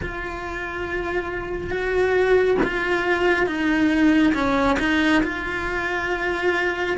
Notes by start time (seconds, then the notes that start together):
0.02 F4
1.70 F#4
2.63 F4
3.46 D#4
4.34 C#4
4.79 D#4
5.23 F4